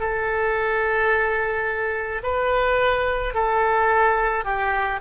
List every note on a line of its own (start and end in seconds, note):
0.00 2.22 A4
2.23 3.34 B4
3.34 4.44 A4
4.44 5.00 G4